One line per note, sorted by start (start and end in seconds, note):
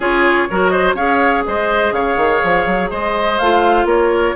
0.00 0.46 C#4
0.00 0.49 F4
0.00 0.48 G#4
0.00 0.68 C#5
0.50 0.94 F#3
0.50 0.96 F#4
0.50 0.71 A#4
0.68 0.95 C5
0.68 0.92 D#5
0.94 1.42 C#4
0.94 3.38 G#4
0.94 1.43 C#5
0.94 1.44 F5
1.46 1.92 G#3
1.46 1.93 C5
1.46 1.93 D#5
1.92 2.16 C#3
1.92 2.89 C#5
1.92 2.90 F5
2.16 2.41 D#3
2.43 2.66 F3
2.66 2.90 F#3
2.89 3.39 G#3
2.89 3.86 C5
2.89 3.38 D#5
3.38 3.85 A3
3.38 4.36 F4
3.38 3.86 F5
3.85 4.33 A#3
3.85 4.35 A#4
3.85 4.36 C#5